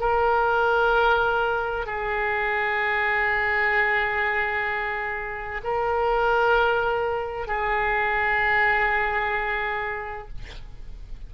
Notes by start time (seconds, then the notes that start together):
0.00 A#4
1.87 G#4
5.64 A#4
7.47 G#4